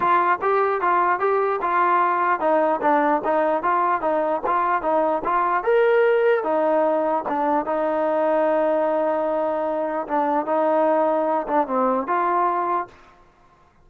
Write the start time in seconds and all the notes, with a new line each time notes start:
0.00 F4
0.41 G4
0.81 F4
1.19 G4
1.61 F4
2.40 D#4
2.81 D4
3.24 D#4
3.62 F4
4.01 D#4
4.46 F4
4.82 D#4
5.24 F4
5.63 A#4
6.43 D#4
7.28 D4
7.65 D#4
10.07 D4
10.46 D#4
11.47 D4
11.67 C4
12.07 F4